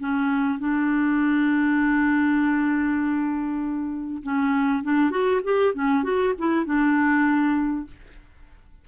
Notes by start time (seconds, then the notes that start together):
0.00 C#4
0.59 D4
4.23 C#4
4.83 D4
5.11 F#4
5.44 G4
5.75 C#4
6.04 F#4
6.39 E4
6.66 D4